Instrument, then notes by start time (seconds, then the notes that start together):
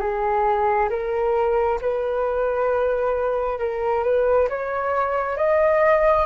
flute
0.00 G#4
0.90 A#4
1.81 B4
3.59 A#4
4.04 B4
4.49 C#5
5.37 D#5